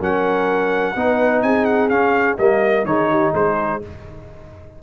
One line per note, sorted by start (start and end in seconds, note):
0.00 0.96 F#3
0.00 0.95 C#4
0.00 0.95 A#4
0.00 1.42 F#5
0.96 1.43 B3
0.96 1.90 D#4
0.96 1.44 B4
1.42 1.90 C4
1.42 2.39 G#4
1.42 1.65 G#5
1.65 1.89 F#5
1.89 2.37 C#4
1.89 2.38 C#4
1.89 2.37 F5
2.38 2.85 G3
2.38 2.87 A#3
2.38 2.86 A#4
2.38 2.86 D#5
2.85 3.32 D#3
2.85 3.82 D#4
2.85 3.10 G#4
2.85 3.33 C#5
3.10 3.33 G4
3.33 3.81 G#3
3.33 3.81 G#4
3.33 3.83 C5